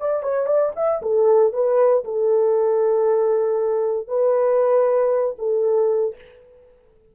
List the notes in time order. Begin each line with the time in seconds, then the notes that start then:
0.00 D5
0.23 C#5
0.46 D5
0.76 E5
1.02 A4
1.53 B4
2.04 A4
4.08 B4
5.38 A4